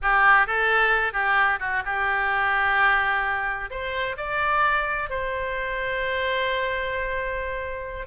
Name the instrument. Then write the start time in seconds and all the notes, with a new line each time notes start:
oboe
0.01 G4
0.46 A4
1.13 G4
1.59 F#4
1.85 G4
3.70 C5
4.17 D5
5.09 C5